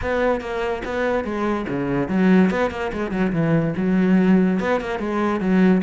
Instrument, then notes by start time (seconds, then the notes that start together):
cello
0.01 B3
0.40 A#3
0.84 B3
1.24 G#3
1.68 C#3
2.08 F#3
2.50 B3
2.70 A#3
2.93 G#3
3.11 F#3
3.32 E3
3.76 F#3
4.59 B3
4.80 A#3
4.99 G#3
5.40 F#3